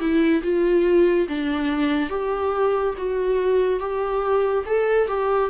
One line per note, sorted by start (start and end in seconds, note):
0.00 0.42 E4
0.43 1.28 F4
1.28 2.10 D4
2.10 2.95 G4
2.98 3.80 F#4
3.80 4.64 G4
4.66 5.08 A4
5.08 5.50 G4